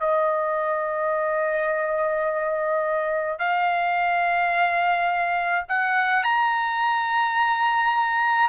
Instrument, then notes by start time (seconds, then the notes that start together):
trumpet
0.00 D#5
3.39 F5
5.68 F#5
6.23 A#5